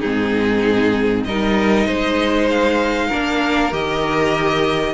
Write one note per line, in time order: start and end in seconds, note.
0.00 1.26 G#2
0.00 1.28 C4
0.00 1.25 D#4
0.00 1.24 G#4
1.25 1.86 G3
1.25 3.12 D#4
1.25 1.87 A#4
1.25 2.49 D#5
1.86 3.10 G#3
1.86 3.07 C5
2.50 3.73 F5
3.07 3.72 D4
3.07 4.93 A#4
3.14 3.72 A#3
3.72 4.94 D#3
3.72 4.94 G4
3.72 4.94 D#5